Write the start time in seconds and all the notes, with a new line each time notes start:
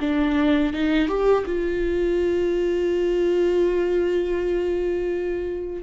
0.00 D4
0.73 D#4
1.08 G4
1.46 F4